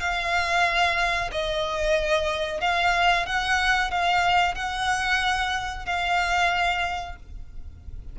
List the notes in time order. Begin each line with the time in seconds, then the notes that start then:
0.00 F5
1.32 D#5
2.61 F5
3.26 F#5
3.91 F5
4.55 F#5
5.86 F5